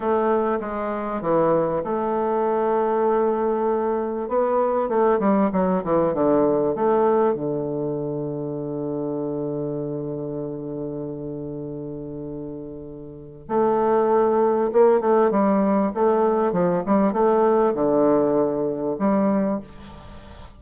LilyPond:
\new Staff \with { instrumentName = "bassoon" } { \time 4/4 \tempo 4 = 98 a4 gis4 e4 a4~ | a2. b4 | a8 g8 fis8 e8 d4 a4 | d1~ |
d1~ | d2 a2 | ais8 a8 g4 a4 f8 g8 | a4 d2 g4 | }